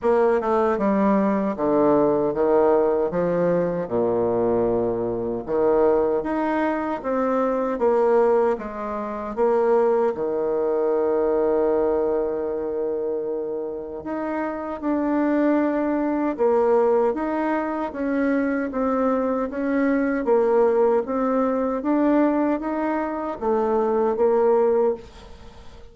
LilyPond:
\new Staff \with { instrumentName = "bassoon" } { \time 4/4 \tempo 4 = 77 ais8 a8 g4 d4 dis4 | f4 ais,2 dis4 | dis'4 c'4 ais4 gis4 | ais4 dis2.~ |
dis2 dis'4 d'4~ | d'4 ais4 dis'4 cis'4 | c'4 cis'4 ais4 c'4 | d'4 dis'4 a4 ais4 | }